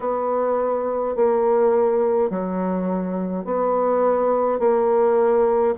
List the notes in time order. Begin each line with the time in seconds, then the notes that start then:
0.00 B3
1.15 A#3
2.30 F#3
3.44 B3
4.58 A#3